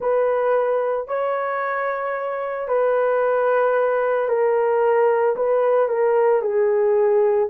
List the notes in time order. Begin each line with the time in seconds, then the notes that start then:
0.00 B4
1.07 C#5
2.67 B4
4.28 A#4
5.36 B4
5.88 A#4
6.41 G#4